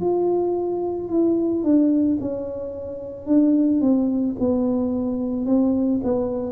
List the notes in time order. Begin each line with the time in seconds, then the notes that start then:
0.00 F4
1.09 E4
1.63 D4
2.20 C#4
3.26 D4
3.81 C4
4.39 B3
5.45 C4
6.03 B3